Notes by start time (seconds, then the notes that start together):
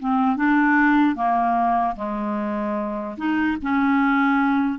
0.00 C4
0.37 D4
1.16 A#3
1.96 G#3
3.18 D#4
3.63 C#4